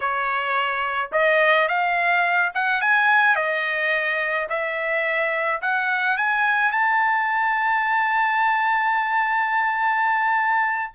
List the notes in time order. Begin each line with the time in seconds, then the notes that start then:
0.00 C#5
1.12 D#5
1.68 F5
2.54 F#5
2.81 G#5
3.35 D#5
4.49 E5
5.61 F#5
6.17 G#5
6.71 A5